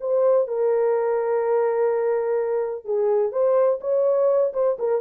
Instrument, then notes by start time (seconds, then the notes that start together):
horn
0.00 C5
0.47 A#4
2.84 G#4
3.32 C5
3.81 C#5
4.53 C5
4.79 A#4